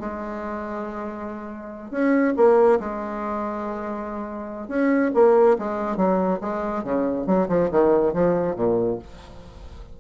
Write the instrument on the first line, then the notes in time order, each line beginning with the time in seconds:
bassoon
0.00 G#3
1.91 C#4
2.37 A#3
2.80 G#3
4.69 C#4
5.14 A#3
5.59 G#3
5.97 F#3
6.41 G#3
6.84 C#3
7.27 F#3
7.49 F3
7.72 D#3
8.14 F3
8.56 A#2